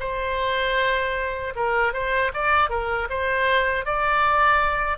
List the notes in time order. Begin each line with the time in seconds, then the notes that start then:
0.00 C5
1.56 A#4
1.94 C5
2.34 D5
2.70 A#4
3.10 C5
3.86 D5